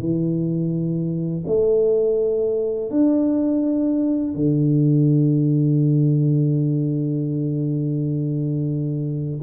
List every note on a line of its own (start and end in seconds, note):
0.00 1.45 E3
1.47 2.91 A3
2.91 4.35 D4
4.35 9.41 D3